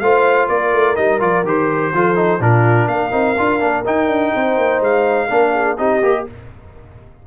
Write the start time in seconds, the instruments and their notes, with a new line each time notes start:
0.00 tuba A3, trombone F4, horn C5, trumpet F5
0.49 tuba A#3, horn A#4, trumpet D5
0.73 tuba A3
0.96 tuba G3, trombone D#4, trumpet D#5
1.20 tuba F3, trombone F4, trumpet D5
1.44 tuba D#3, trombone G4, trumpet C5
1.94 tuba F3, trombone F4, horn A4
2.16 trombone D#4
2.40 tuba A#2, trombone D4, horn F4, trumpet A#4
2.88 tuba A#3, horn A#4, trumpet F5
3.12 tuba C4, trombone D#4
3.38 tuba D4, trombone F4
3.61 tuba A#3, trombone D4
3.86 trombone D#4, tuba D#4, trumpet G5
4.07 tuba D4
4.35 tuba C4, horn C5
4.58 tuba A#3
4.81 tuba G#3, trumpet F5
5.28 tuba A#3, trombone D4, horn A#4
5.53 horn G#4
5.78 tuba C4, trombone D#4, horn G4, trumpet D#5
6.03 tuba A#3, trombone G4